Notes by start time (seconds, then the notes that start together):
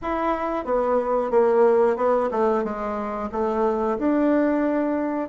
0.01 E4
0.64 B3
1.30 A#3
1.96 B3
2.31 A3
2.63 G#3
3.31 A3
3.98 D4